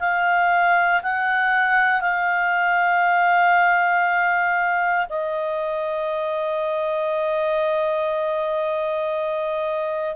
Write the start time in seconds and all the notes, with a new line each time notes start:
0.00 F5
1.03 F#5
2.02 F5
5.10 D#5